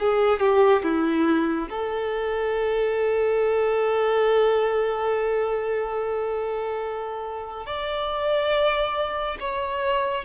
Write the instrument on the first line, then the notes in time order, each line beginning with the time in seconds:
violin
0.00 G#4
0.40 G4
0.83 E4
1.70 A4
7.66 D5
9.41 C#5